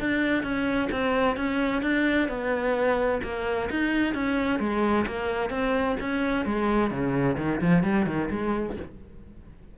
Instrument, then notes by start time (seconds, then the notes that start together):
cello
0.00 D4
0.43 C#4
0.92 C4
1.37 C#4
1.83 D4
2.29 B3
3.23 A#3
3.70 D#4
4.14 C#4
4.59 G#3
5.07 A#3
5.50 C4
6.01 C#4
6.46 G#3
6.91 C#3
7.38 D#3
7.61 F3
7.84 G3
8.06 D#3
8.31 G#3